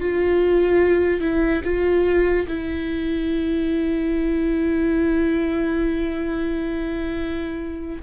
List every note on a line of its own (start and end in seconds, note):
0.00 1.20 F4
1.20 1.61 E4
1.64 2.46 F4
2.47 8.02 E4